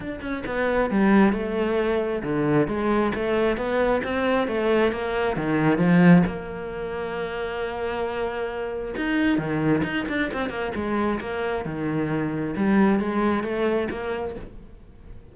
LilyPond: \new Staff \with { instrumentName = "cello" } { \time 4/4 \tempo 4 = 134 d'8 cis'8 b4 g4 a4~ | a4 d4 gis4 a4 | b4 c'4 a4 ais4 | dis4 f4 ais2~ |
ais1 | dis'4 dis4 dis'8 d'8 c'8 ais8 | gis4 ais4 dis2 | g4 gis4 a4 ais4 | }